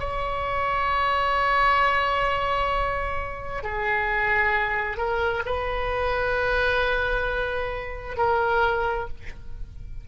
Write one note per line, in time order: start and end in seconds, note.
0.00 3.64 C#5
3.64 4.98 G#4
4.98 5.43 A#4
5.46 8.17 B4
8.17 9.08 A#4